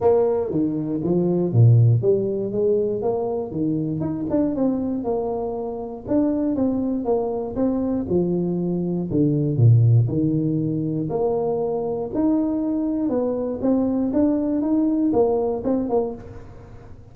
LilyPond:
\new Staff \with { instrumentName = "tuba" } { \time 4/4 \tempo 4 = 119 ais4 dis4 f4 ais,4 | g4 gis4 ais4 dis4 | dis'8 d'8 c'4 ais2 | d'4 c'4 ais4 c'4 |
f2 d4 ais,4 | dis2 ais2 | dis'2 b4 c'4 | d'4 dis'4 ais4 c'8 ais8 | }